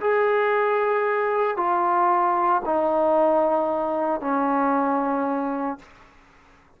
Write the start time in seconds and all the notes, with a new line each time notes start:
0.00 G#4
1.56 F4
2.65 D#4
4.20 C#4